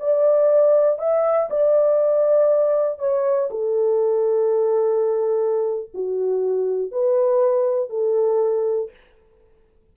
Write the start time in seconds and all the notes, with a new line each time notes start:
0.00 D5
0.99 E5
1.50 D5
2.99 C#5
3.51 A4
5.94 F#4
6.92 B4
7.90 A4